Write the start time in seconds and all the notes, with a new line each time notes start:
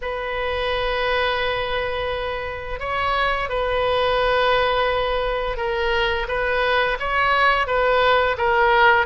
0.01 B4
2.79 C#5
3.49 B4
5.57 A#4
6.28 B4
6.99 C#5
7.66 B4
8.37 A#4